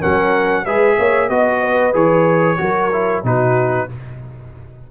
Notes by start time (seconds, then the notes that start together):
0.00 F#3 C#4 A#4 F#5
0.65 G#3 G#4 B4 E5
0.98 A#3 C#5
1.29 B3 F#4 D#5
1.62 B4
1.93 E3 G#4 C#5
2.58 F#3 F#4 A#4
2.92 E4
3.23 B2 D#4 F#4 B4